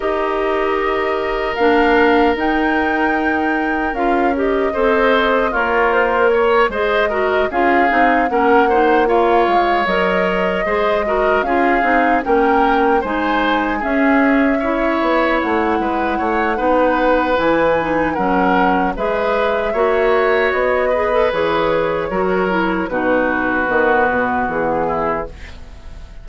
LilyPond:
<<
  \new Staff \with { instrumentName = "flute" } { \time 4/4 \tempo 4 = 76 dis''2 f''4 g''4~ | g''4 f''8 dis''4. cis''8 c''8 | cis''8 dis''4 f''4 fis''4 f''8~ | f''8 dis''2 f''4 g''8~ |
g''8 gis''4 e''2 fis''8~ | fis''2 gis''4 fis''4 | e''2 dis''4 cis''4~ | cis''4 b'2 gis'4 | }
  \new Staff \with { instrumentName = "oboe" } { \time 4/4 ais'1~ | ais'2 c''4 f'4 | cis''8 c''8 ais'8 gis'4 ais'8 c''8 cis''8~ | cis''4. c''8 ais'8 gis'4 ais'8~ |
ais'8 c''4 gis'4 cis''4. | b'8 cis''8 b'2 ais'4 | b'4 cis''4. b'4. | ais'4 fis'2~ fis'8 e'8 | }
  \new Staff \with { instrumentName = "clarinet" } { \time 4/4 g'2 d'4 dis'4~ | dis'4 f'8 g'8 a'4 ais'4~ | ais'8 gis'8 fis'8 f'8 dis'8 cis'8 dis'8 f'8~ | f'8 ais'4 gis'8 fis'8 f'8 dis'8 cis'8~ |
cis'8 dis'4 cis'4 e'4.~ | e'4 dis'4 e'8 dis'8 cis'4 | gis'4 fis'4. gis'16 a'16 gis'4 | fis'8 e'8 dis'4 b2 | }
  \new Staff \with { instrumentName = "bassoon" } { \time 4/4 dis'2 ais4 dis'4~ | dis'4 cis'4 c'4 ais4~ | ais8 gis4 cis'8 c'8 ais4. | gis8 fis4 gis4 cis'8 c'8 ais8~ |
ais8 gis4 cis'4. b8 a8 | gis8 a8 b4 e4 fis4 | gis4 ais4 b4 e4 | fis4 b,4 dis8 b,8 e4 | }
>>